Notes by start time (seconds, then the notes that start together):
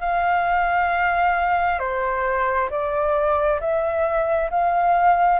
0.00 F5
1.79 C5
2.70 D5
3.60 E5
4.50 F5